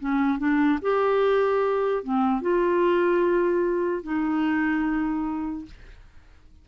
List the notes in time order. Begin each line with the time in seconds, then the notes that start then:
0.00 C#4
0.39 D4
0.82 G4
2.04 C4
2.42 F4
4.03 D#4